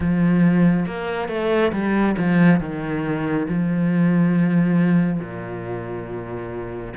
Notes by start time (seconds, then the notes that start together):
0.00 F3
0.86 A#3
1.28 A3
1.72 G3
2.17 F3
2.60 D#3
3.48 F3
5.19 A#2